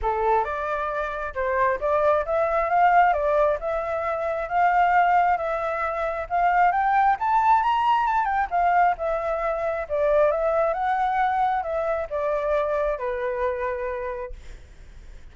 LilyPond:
\new Staff \with { instrumentName = "flute" } { \time 4/4 \tempo 4 = 134 a'4 d''2 c''4 | d''4 e''4 f''4 d''4 | e''2 f''2 | e''2 f''4 g''4 |
a''4 ais''4 a''8 g''8 f''4 | e''2 d''4 e''4 | fis''2 e''4 d''4~ | d''4 b'2. | }